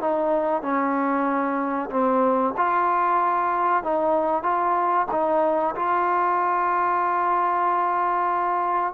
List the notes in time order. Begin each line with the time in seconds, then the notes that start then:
0.00 D#4
0.62 C#4
1.90 C4
2.57 F4
3.83 D#4
4.43 F4
5.11 D#4
5.75 F4